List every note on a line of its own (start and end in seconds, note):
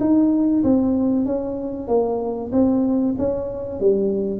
0.00 0.63 D#4
0.63 1.25 C4
1.25 1.87 C#4
1.87 2.51 A#3
2.52 3.15 C4
3.18 3.80 C#4
3.80 4.40 G3